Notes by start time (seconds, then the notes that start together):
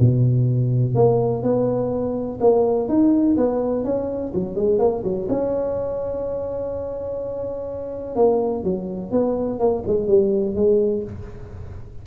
0.00 B2
0.95 A#3
1.43 B3
2.41 A#3
2.89 D#4
3.37 B3
3.85 C#4
4.34 F#3
4.56 G#3
4.79 A#3
5.04 F#3
5.29 C#4
8.16 A#3
8.64 F#3
9.12 B3
9.60 A#3
9.87 G#3
10.08 G3
10.56 G#3